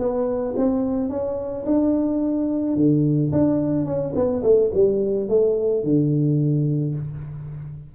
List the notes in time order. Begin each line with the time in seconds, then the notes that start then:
0.00 B3
0.57 C4
1.10 C#4
1.66 D4
2.77 D3
3.32 D4
3.86 C#4
4.16 B3
4.44 A3
4.75 G3
5.30 A3
5.84 D3